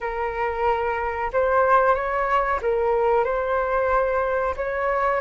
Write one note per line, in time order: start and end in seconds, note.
0.00 1.31 A#4
1.33 1.94 C5
1.94 2.59 C#5
2.61 3.24 A#4
3.24 4.54 C5
4.56 5.20 C#5